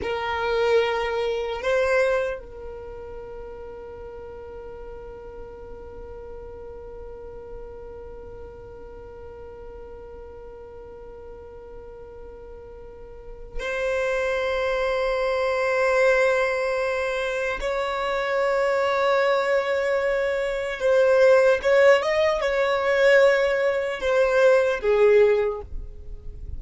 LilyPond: \new Staff \with { instrumentName = "violin" } { \time 4/4 \tempo 4 = 75 ais'2 c''4 ais'4~ | ais'1~ | ais'1~ | ais'1~ |
ais'4 c''2.~ | c''2 cis''2~ | cis''2 c''4 cis''8 dis''8 | cis''2 c''4 gis'4 | }